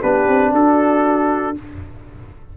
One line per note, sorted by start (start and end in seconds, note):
0.00 0.27 B3
0.00 1.55 D4
0.00 0.51 G4
0.00 0.53 B4
0.27 0.53 C4
0.53 1.55 D4
0.53 1.57 F#4
0.53 1.57 A4